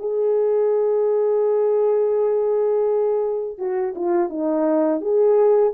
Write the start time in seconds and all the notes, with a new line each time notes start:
0.00 G#4
3.58 F#4
3.96 F4
4.30 D#4
5.01 G#4